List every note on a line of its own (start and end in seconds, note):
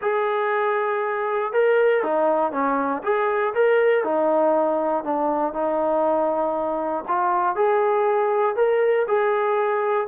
0.01 1.52 G#4
1.52 2.03 A#4
2.03 2.51 D#4
2.51 3.02 C#4
3.03 3.53 G#4
3.54 4.04 A#4
4.04 5.04 D#4
5.04 5.53 D4
5.53 7.04 D#4
7.07 7.55 F4
7.55 8.56 G#4
8.56 9.06 A#4
9.07 10.07 G#4